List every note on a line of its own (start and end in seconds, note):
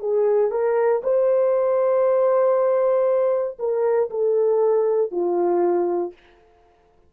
0.00 0.51 G#4
0.51 1.02 A#4
1.04 3.58 C5
3.59 4.10 A#4
4.10 5.11 A4
5.11 6.13 F4